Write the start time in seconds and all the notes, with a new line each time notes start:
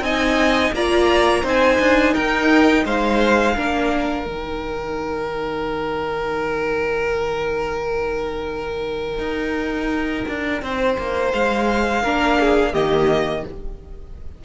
0.00 C4 D#4 D#5 G#5
0.72 A#3 F4 D5 A#5
1.42 C4 D#4 C5 G#5
1.79 D4
2.13 D#4 A#4 G5
2.85 G#3 C5 F5
3.56 A#3 D4 A#4
4.26 D#3 D#4 G5
9.18 D#4
10.28 D4
10.62 C4 C5
10.98 A#3
11.32 G#3 F5
12.02 A#3 D4 A#4
12.39 G#4
12.72 D#3 A#3 G4 D#5